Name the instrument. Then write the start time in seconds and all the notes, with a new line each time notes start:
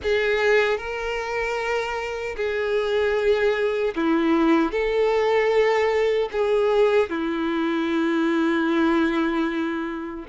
violin
0.03 G#4
0.77 A#4
2.36 G#4
3.95 E4
4.71 A4
6.32 G#4
7.09 E4